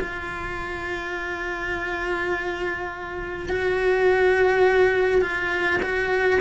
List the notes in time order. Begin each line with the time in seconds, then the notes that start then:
0.00 F4
3.49 F#4
5.22 F4
5.82 F#4